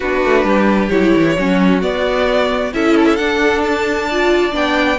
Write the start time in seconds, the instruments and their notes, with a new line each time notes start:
0.00 cello B3, viola D4, violin F#4 B4
0.24 cello A3
0.44 cello G3, violin G4
0.89 cello F#3, viola E4, violin C#5
1.15 cello E3
1.37 cello F#3, viola C#4, violin F#4
1.82 viola B3, cello B3, violin D5
2.73 cello C#4, viola E4, violin A4 E5
2.95 violin A4
3.05 violin E5
3.16 cello D4, viola D4, violin F#5
3.64 violin A5
4.08 viola F4, violin D5
4.51 cello B3, viola D4, violin G5